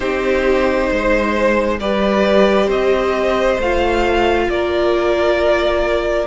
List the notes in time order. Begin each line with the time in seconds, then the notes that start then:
0.00 C4 D#4 G4 C5
0.89 G#3 C5
1.79 G3 G4 B4 D5
2.66 C4 C5 D#5
3.58 A3 F4 F5
4.49 A#3 A#4 D5